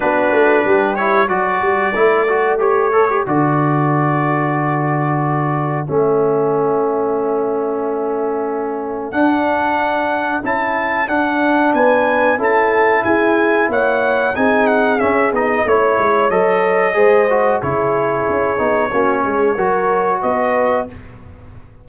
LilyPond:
<<
  \new Staff \with { instrumentName = "trumpet" } { \time 4/4 \tempo 4 = 92 b'4. cis''8 d''2 | cis''4 d''2.~ | d''4 e''2.~ | e''2 fis''2 |
a''4 fis''4 gis''4 a''4 | gis''4 fis''4 gis''8 fis''8 e''8 dis''8 | cis''4 dis''2 cis''4~ | cis''2. dis''4 | }
  \new Staff \with { instrumentName = "horn" } { \time 4/4 fis'4 g'4 a'2~ | a'1~ | a'1~ | a'1~ |
a'2 b'4 a'4 | gis'4 cis''4 gis'2 | cis''2 c''4 gis'4~ | gis'4 fis'8 gis'8 ais'4 b'4 | }
  \new Staff \with { instrumentName = "trombone" } { \time 4/4 d'4. e'8 fis'4 e'8 fis'8 | g'8 a'16 g'16 fis'2.~ | fis'4 cis'2.~ | cis'2 d'2 |
e'4 d'2 e'4~ | e'2 dis'4 cis'8 dis'8 | e'4 a'4 gis'8 fis'8 e'4~ | e'8 dis'8 cis'4 fis'2 | }
  \new Staff \with { instrumentName = "tuba" } { \time 4/4 b8 a8 g4 fis8 g8 a4~ | a4 d2.~ | d4 a2.~ | a2 d'2 |
cis'4 d'4 b4 cis'4 | e'4 ais4 c'4 cis'8 b8 | a8 gis8 fis4 gis4 cis4 | cis'8 b8 ais8 gis8 fis4 b4 | }
>>